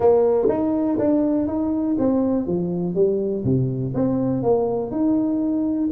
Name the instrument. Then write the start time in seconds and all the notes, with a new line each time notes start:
tuba
0.00 A#3
0.49 D#4
0.98 D4
1.47 D#4
1.98 C4
2.47 F3
2.94 G3
3.44 C3
3.94 C4
4.42 A#3
4.91 D#4